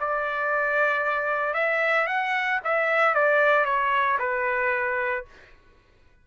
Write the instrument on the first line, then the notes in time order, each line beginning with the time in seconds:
trumpet
0.00 D5
1.54 E5
2.07 F#5
2.65 E5
3.15 D5
3.65 C#5
4.19 B4